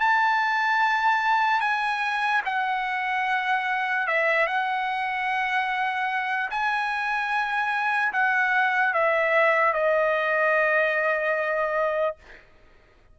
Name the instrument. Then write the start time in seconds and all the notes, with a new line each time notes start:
trumpet
0.00 A5
1.61 G#5
2.45 F#5
4.07 E5
4.47 F#5
6.50 G#5
8.13 F#5
8.93 E5
9.73 D#5